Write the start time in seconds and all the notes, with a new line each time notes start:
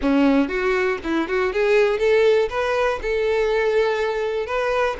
0.01 C#4
0.48 F#4
1.03 E4
1.27 F#4
1.52 G#4
1.99 A4
2.49 B4
3.01 A4
4.46 B4